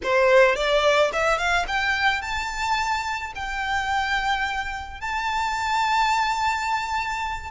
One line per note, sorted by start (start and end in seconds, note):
0.03 0.55 C5
0.55 1.11 D5
1.12 1.38 E5
1.38 1.65 F5
1.67 2.21 G5
2.21 3.32 A5
3.35 5.00 G5
5.00 7.50 A5